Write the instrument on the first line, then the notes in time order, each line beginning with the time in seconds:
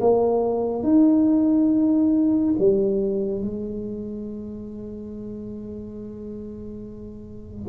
tuba
0.00 A#3
0.83 D#4
2.59 G3
3.42 G#3